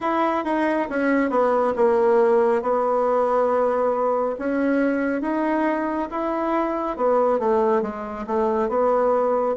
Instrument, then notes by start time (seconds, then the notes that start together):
bassoon
0.00 E4
0.44 D#4
0.89 C#4
1.30 B3
1.75 A#3
2.62 B3
4.38 C#4
5.21 D#4
6.11 E4
6.96 B3
7.39 A3
7.82 G#3
8.26 A3
8.68 B3